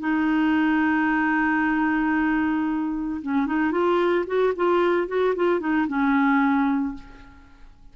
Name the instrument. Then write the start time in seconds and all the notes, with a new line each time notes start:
clarinet
0.00 D#4
3.22 C#4
3.47 D#4
3.72 F4
4.27 F#4
4.56 F4
5.08 F#4
5.36 F4
5.60 D#4
5.88 C#4